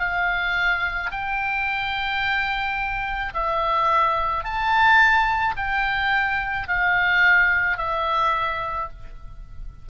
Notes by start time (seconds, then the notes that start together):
0.00 F5
1.12 G5
3.34 E5
4.44 A5
5.57 G5
6.68 F5
7.78 E5